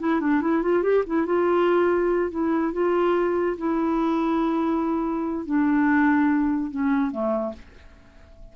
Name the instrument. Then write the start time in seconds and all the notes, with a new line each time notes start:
clarinet
0.00 E4
0.21 D4
0.42 E4
0.63 F4
0.83 G4
1.07 E4
1.26 F4
2.31 E4
2.73 F4
3.58 E4
5.46 D4
6.71 C#4
7.11 A3